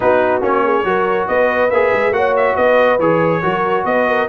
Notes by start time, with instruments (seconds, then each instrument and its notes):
0.00 tuba B3, trombone D#4, horn F#4, trumpet B4
0.41 tuba A#3, trombone C#4, trumpet C#5
0.64 horn G#4
0.84 tuba F#3, trombone F#4, horn A#4
1.27 tuba B3, horn B4, trumpet D#5
1.70 tuba A#3, trombone G#4, trumpet E5
1.93 tuba G#3
2.11 tuba A#3, trombone F#4, horn C#5, trumpet F#5
2.36 trumpet E5
2.55 tuba B3, horn B4, trumpet D#5
2.99 tuba E3, trombone G#4, trumpet C#5
3.42 tuba F#3, trombone F#4, horn A#4
3.84 tuba B3, horn B4, trumpet D#5
4.08 horn A#4